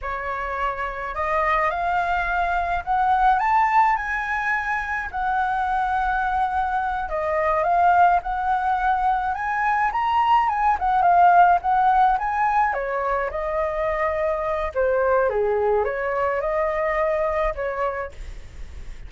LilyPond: \new Staff \with { instrumentName = "flute" } { \time 4/4 \tempo 4 = 106 cis''2 dis''4 f''4~ | f''4 fis''4 a''4 gis''4~ | gis''4 fis''2.~ | fis''8 dis''4 f''4 fis''4.~ |
fis''8 gis''4 ais''4 gis''8 fis''8 f''8~ | f''8 fis''4 gis''4 cis''4 dis''8~ | dis''2 c''4 gis'4 | cis''4 dis''2 cis''4 | }